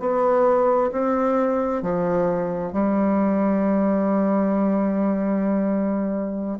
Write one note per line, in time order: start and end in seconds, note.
0.00 0.91 B3
0.92 1.82 C4
1.82 2.72 F3
2.72 6.59 G3